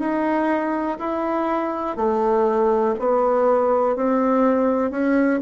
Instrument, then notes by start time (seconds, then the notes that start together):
bassoon
0.00 D#4
1.00 E4
1.97 A3
3.00 B3
3.96 C4
4.91 C#4